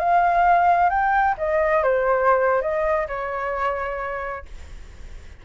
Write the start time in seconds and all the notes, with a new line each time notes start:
0.00 F5
0.90 G5
1.38 D#5
1.84 C5
2.62 D#5
3.08 C#5